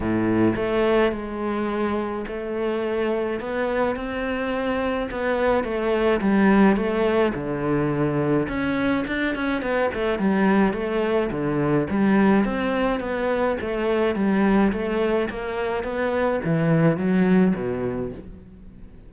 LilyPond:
\new Staff \with { instrumentName = "cello" } { \time 4/4 \tempo 4 = 106 a,4 a4 gis2 | a2 b4 c'4~ | c'4 b4 a4 g4 | a4 d2 cis'4 |
d'8 cis'8 b8 a8 g4 a4 | d4 g4 c'4 b4 | a4 g4 a4 ais4 | b4 e4 fis4 b,4 | }